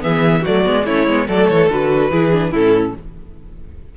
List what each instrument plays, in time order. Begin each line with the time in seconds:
0.00 cello E3, viola B3, violin G#4 E5
0.42 cello F#3, viola A3, violin F#4 D5
0.64 cello G#3, viola B3
0.85 cello A3, viola C#4, violin E4 C#5
1.07 cello G#3, viola B3
1.27 cello F#3, viola A3, violin A4 D5
1.48 cello E3, violin C#5
1.69 cello D3, viola F#4, violin B4
2.11 cello E3, viola E4, violin G#4
2.32 viola D4
2.51 cello A2, viola C#4, violin E4 A4